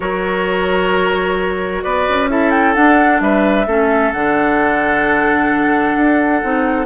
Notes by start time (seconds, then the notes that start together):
0.00 F#3 F#4 A#4 C#5
1.83 B3 B4 D5
2.08 C#4
2.29 E4 A4 E5
2.50 G5
2.74 D4 F#5
3.20 G3 B4 E5
3.66 A3 C#4 A4
4.12 D3 D4 F#5
5.96 D4
6.43 C4 D#4